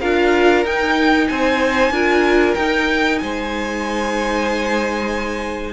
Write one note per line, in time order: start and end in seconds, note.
0.00 0.65 D4
0.00 0.65 F4
0.00 1.28 A#4
0.00 0.64 F5
0.65 1.29 D#4
0.65 1.92 D#4
0.65 1.28 G5
1.28 1.90 C4
1.28 1.92 C5
1.28 2.54 G#5
1.90 2.54 D4
1.90 2.56 F4
1.90 3.20 A#4
2.54 3.21 D#4
2.54 5.73 D#4
2.54 3.18 G5
3.18 5.73 G#3
3.18 5.73 C5
3.18 5.73 G#5